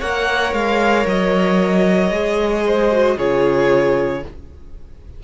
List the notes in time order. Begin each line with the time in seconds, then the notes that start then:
0.00 A#3 A#4 C#5 F#5
0.53 G#3 F5
1.06 F#3 D#5
2.11 G#3 G#4
2.66 C5
2.92 F#4
3.17 C#3 F4 G#4 C#5